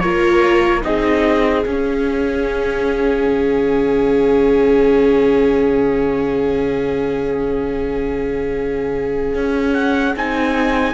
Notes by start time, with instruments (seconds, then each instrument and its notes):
0.00 cello A#3, viola F4 A#4, trumpet C#5
0.82 cello C4, viola D#4 G#4, trumpet D#5
1.65 cello C#4, viola C#4, trumpet F5
3.26 cello C#3
9.34 cello C#4
9.74 trumpet F#5
10.16 cello C4, viola D#4, trumpet G#5